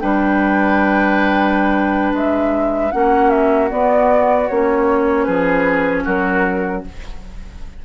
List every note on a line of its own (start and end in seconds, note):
0.00 2.14 G3
0.00 2.92 D4
0.00 2.94 B4
0.00 2.15 G5
2.14 2.92 G#3
2.14 2.92 E5
2.92 3.72 A#3
2.92 3.70 C#4
2.92 5.26 F#4
2.92 3.30 F#5
3.30 3.69 E5
3.70 4.48 B3
3.70 4.50 B3
3.70 4.49 D5
4.49 5.28 A#3
4.49 6.85 C#4
4.49 5.25 C#5
5.25 6.06 F3
5.25 6.04 G#4
5.25 6.03 B4
6.05 6.84 F#3
6.05 6.83 F#4
6.05 6.84 A#4